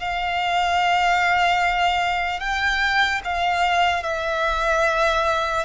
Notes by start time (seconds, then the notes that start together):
0.00 F5
2.40 G5
3.25 F5
4.04 E5